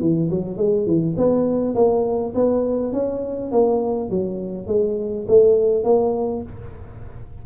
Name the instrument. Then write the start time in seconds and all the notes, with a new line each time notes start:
tuba
0.00 E3
0.30 F#3
0.57 G#3
0.86 E3
1.17 B3
1.75 A#3
2.34 B3
2.92 C#4
3.51 A#3
4.10 F#3
4.67 G#3
5.28 A3
5.83 A#3